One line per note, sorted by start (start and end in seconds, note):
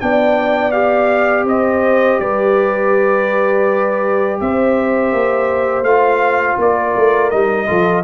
0.00 1.44 B3
0.00 0.73 D4
0.00 1.48 D5
0.00 0.71 G5
0.71 5.85 G4
0.71 1.45 F5
1.44 2.17 C4
1.44 2.21 C5
1.44 2.20 D#5
2.20 4.39 G3
2.20 4.41 B4
2.20 4.40 D5
4.41 5.12 C4
4.41 6.61 C5
4.41 5.84 E5
5.12 5.82 A#3
5.82 6.56 A3
5.82 7.32 F4
5.82 6.57 F5
6.58 6.95 A#3
6.58 7.68 A#4
6.58 7.30 D5
6.96 7.33 A3
7.30 7.69 G3
7.30 7.67 D#4
7.30 8.03 D#5
7.67 8.04 F3
7.67 8.03 F4
7.67 8.04 A4